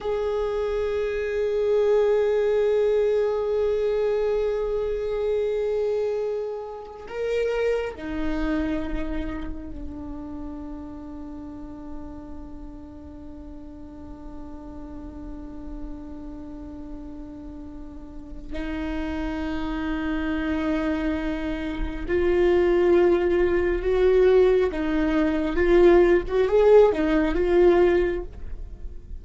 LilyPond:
\new Staff \with { instrumentName = "viola" } { \time 4/4 \tempo 4 = 68 gis'1~ | gis'1 | ais'4 dis'2 d'4~ | d'1~ |
d'1~ | d'4 dis'2.~ | dis'4 f'2 fis'4 | dis'4 f'8. fis'16 gis'8 dis'8 f'4 | }